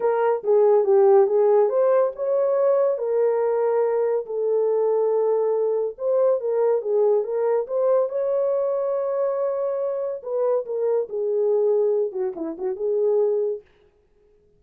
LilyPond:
\new Staff \with { instrumentName = "horn" } { \time 4/4 \tempo 4 = 141 ais'4 gis'4 g'4 gis'4 | c''4 cis''2 ais'4~ | ais'2 a'2~ | a'2 c''4 ais'4 |
gis'4 ais'4 c''4 cis''4~ | cis''1 | b'4 ais'4 gis'2~ | gis'8 fis'8 e'8 fis'8 gis'2 | }